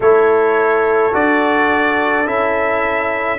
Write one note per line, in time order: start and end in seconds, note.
0.00 1.12 A3
0.00 1.12 E4
0.00 3.38 A4
0.00 1.14 C#5
1.12 2.26 D4
1.12 2.25 F#4
1.12 2.27 D5
2.26 3.38 C#4
2.26 3.38 E4
2.26 3.38 E5